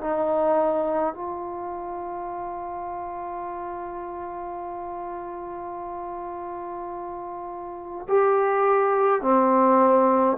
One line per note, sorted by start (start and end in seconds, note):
0.00 1.14 D#4
1.14 8.06 F4
8.08 9.21 G4
9.21 10.36 C4